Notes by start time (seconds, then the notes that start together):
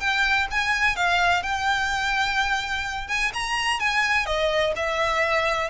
0.00 G5
0.51 G#5
0.96 F5
1.43 G5
3.08 G#5
3.34 A#5
3.80 G#5
4.26 D#5
4.77 E5